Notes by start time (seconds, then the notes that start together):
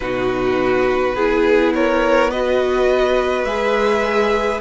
0.00 B2 D#4 F#4 B4
1.15 B3 E4 G#4
1.74 A#4 C#5
2.30 F#4 B4 D#5
3.44 G#3 G#4 E5